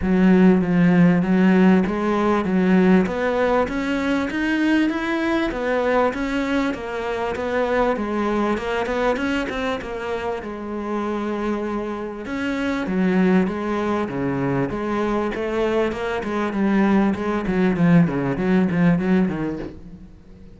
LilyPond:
\new Staff \with { instrumentName = "cello" } { \time 4/4 \tempo 4 = 98 fis4 f4 fis4 gis4 | fis4 b4 cis'4 dis'4 | e'4 b4 cis'4 ais4 | b4 gis4 ais8 b8 cis'8 c'8 |
ais4 gis2. | cis'4 fis4 gis4 cis4 | gis4 a4 ais8 gis8 g4 | gis8 fis8 f8 cis8 fis8 f8 fis8 dis8 | }